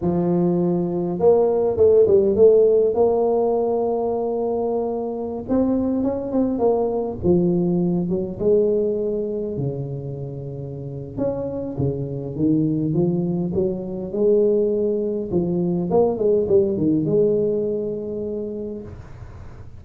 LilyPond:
\new Staff \with { instrumentName = "tuba" } { \time 4/4 \tempo 4 = 102 f2 ais4 a8 g8 | a4 ais2.~ | ais4~ ais16 c'4 cis'8 c'8 ais8.~ | ais16 f4. fis8 gis4.~ gis16~ |
gis16 cis2~ cis8. cis'4 | cis4 dis4 f4 fis4 | gis2 f4 ais8 gis8 | g8 dis8 gis2. | }